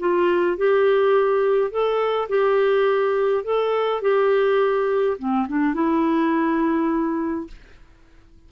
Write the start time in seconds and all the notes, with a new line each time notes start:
0.00 F4
0.57 G4
1.71 A4
2.29 G4
3.44 A4
4.02 G4
5.19 C4
5.49 D4
5.75 E4